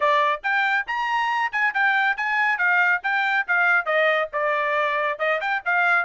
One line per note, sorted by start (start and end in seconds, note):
0.00 0.41 D5
0.43 0.86 G5
0.87 1.51 A#5
1.52 1.73 G#5
1.74 2.16 G5
2.16 2.57 G#5
2.57 3.01 F5
3.03 3.46 G5
3.47 3.85 F5
3.85 4.29 D#5
4.33 5.18 D5
5.18 5.40 D#5
5.40 5.62 G5
5.65 6.05 F5